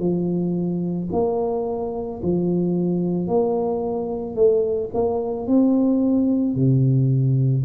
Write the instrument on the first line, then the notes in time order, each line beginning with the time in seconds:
tuba
0.00 F3
1.13 A#3
2.23 F3
3.28 A#3
4.36 A3
4.94 A#3
5.47 C4
6.56 C3